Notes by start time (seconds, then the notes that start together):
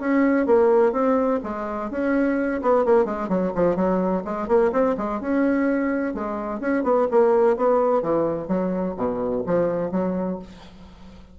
0.00 C#4
0.46 A#3
0.93 C4
1.43 G#3
1.91 C#4
2.62 B3
2.85 A#3
3.05 G#3
3.29 F#3
3.55 F3
3.76 F#3
4.25 G#3
4.48 A#3
4.72 C4
4.97 G#3
5.21 C#4
6.14 G#3
6.60 C#4
6.84 B3
7.11 A#3
7.57 B3
8.03 E3
8.48 F#3
8.97 B2
9.46 F3
9.92 F#3